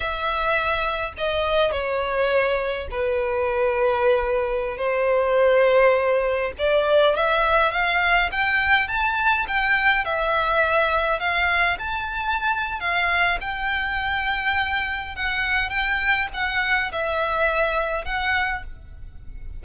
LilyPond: \new Staff \with { instrumentName = "violin" } { \time 4/4 \tempo 4 = 103 e''2 dis''4 cis''4~ | cis''4 b'2.~ | b'16 c''2. d''8.~ | d''16 e''4 f''4 g''4 a''8.~ |
a''16 g''4 e''2 f''8.~ | f''16 a''4.~ a''16 f''4 g''4~ | g''2 fis''4 g''4 | fis''4 e''2 fis''4 | }